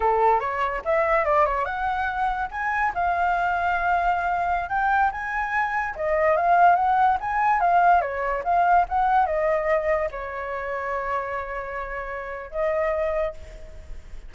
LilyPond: \new Staff \with { instrumentName = "flute" } { \time 4/4 \tempo 4 = 144 a'4 cis''4 e''4 d''8 cis''8 | fis''2 gis''4 f''4~ | f''2.~ f''16 g''8.~ | g''16 gis''2 dis''4 f''8.~ |
f''16 fis''4 gis''4 f''4 cis''8.~ | cis''16 f''4 fis''4 dis''4.~ dis''16~ | dis''16 cis''2.~ cis''8.~ | cis''2 dis''2 | }